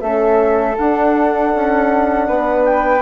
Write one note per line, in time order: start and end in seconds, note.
0.00 0.78 A3
0.00 0.76 C#4
0.00 2.28 A4
0.00 0.77 E5
0.78 1.54 D4
0.78 3.02 D4
0.78 2.65 F#5
1.55 2.29 C#4
2.28 3.02 B3
2.28 3.02 B4
2.65 3.02 G5